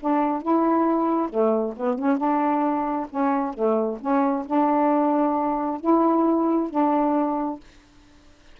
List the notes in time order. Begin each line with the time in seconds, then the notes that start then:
0.00 D4
0.42 E4
1.29 A3
1.76 B3
1.98 C#4
2.17 D4
3.10 C#4
3.54 A3
4.01 C#4
4.46 D4
5.80 E4
6.70 D4